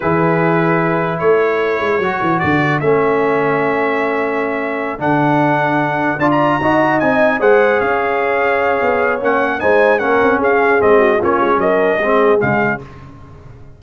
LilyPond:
<<
  \new Staff \with { instrumentName = "trumpet" } { \time 4/4 \tempo 4 = 150 b'2. cis''4~ | cis''2 d''4 e''4~ | e''1~ | e''8 fis''2. a''16 ais''16~ |
ais''4. gis''4 fis''4 f''8~ | f''2. fis''4 | gis''4 fis''4 f''4 dis''4 | cis''4 dis''2 f''4 | }
  \new Staff \with { instrumentName = "horn" } { \time 4/4 gis'2. a'4~ | a'1~ | a'1~ | a'2.~ a'8 d''8~ |
d''8 dis''2 c''4 cis''8~ | cis''1 | c''4 ais'4 gis'4. fis'8 | f'4 ais'4 gis'2 | }
  \new Staff \with { instrumentName = "trombone" } { \time 4/4 e'1~ | e'4 fis'2 cis'4~ | cis'1~ | cis'8 d'2. f'8~ |
f'8 fis'4 dis'4 gis'4.~ | gis'2. cis'4 | dis'4 cis'2 c'4 | cis'2 c'4 gis4 | }
  \new Staff \with { instrumentName = "tuba" } { \time 4/4 e2. a4~ | a8 gis8 fis8 e8 d4 a4~ | a1~ | a8 d2. d'8~ |
d'8 dis'4 c'4 gis4 cis'8~ | cis'2 b4 ais4 | gis4 ais8 c'8 cis'4 gis4 | ais8 gis8 fis4 gis4 cis4 | }
>>